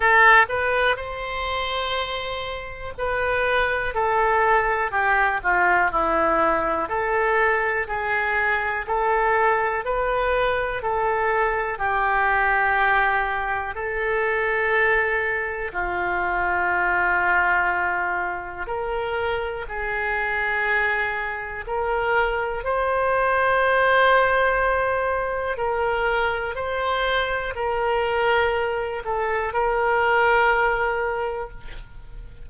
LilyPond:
\new Staff \with { instrumentName = "oboe" } { \time 4/4 \tempo 4 = 61 a'8 b'8 c''2 b'4 | a'4 g'8 f'8 e'4 a'4 | gis'4 a'4 b'4 a'4 | g'2 a'2 |
f'2. ais'4 | gis'2 ais'4 c''4~ | c''2 ais'4 c''4 | ais'4. a'8 ais'2 | }